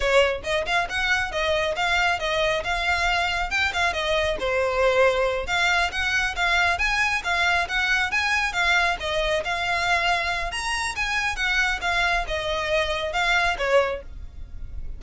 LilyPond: \new Staff \with { instrumentName = "violin" } { \time 4/4 \tempo 4 = 137 cis''4 dis''8 f''8 fis''4 dis''4 | f''4 dis''4 f''2 | g''8 f''8 dis''4 c''2~ | c''8 f''4 fis''4 f''4 gis''8~ |
gis''8 f''4 fis''4 gis''4 f''8~ | f''8 dis''4 f''2~ f''8 | ais''4 gis''4 fis''4 f''4 | dis''2 f''4 cis''4 | }